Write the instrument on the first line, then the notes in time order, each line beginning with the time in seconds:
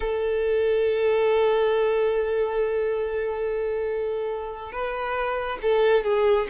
violin
0.00 A4
4.71 B4
5.61 A4
6.04 G#4